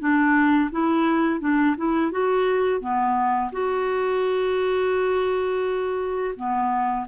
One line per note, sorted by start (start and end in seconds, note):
0.00 0.71 D4
0.72 1.41 E4
1.41 1.76 D4
1.77 2.12 E4
2.12 2.81 F#4
2.81 3.51 B3
3.53 6.35 F#4
6.36 7.07 B3